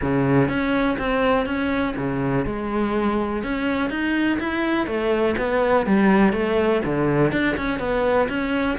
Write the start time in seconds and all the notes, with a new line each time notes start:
0.01 C#3
0.48 C#4
0.98 C4
1.45 C#4
1.96 C#3
2.45 G#3
3.43 C#4
3.90 D#4
4.39 E4
4.86 A3
5.37 B3
5.86 G3
6.32 A3
6.85 D3
7.32 D4
7.56 C#4
7.79 B3
8.29 C#4